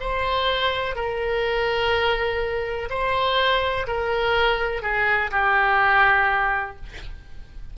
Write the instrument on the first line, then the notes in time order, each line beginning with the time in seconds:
oboe
0.00 C5
0.95 A#4
2.89 C5
3.87 A#4
4.82 G#4
5.31 G4